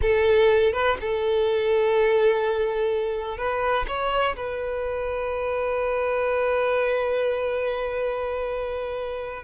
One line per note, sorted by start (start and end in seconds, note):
0.01 0.73 A4
0.73 0.97 B4
1.00 3.37 A4
3.37 3.86 B4
3.87 4.35 C#5
4.36 9.43 B4